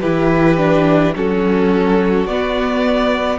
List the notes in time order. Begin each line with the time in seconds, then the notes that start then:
0.00 E3 E4 G4 B4
0.58 D4
1.15 F#3 C#4 F#4 A4
2.25 B3 D5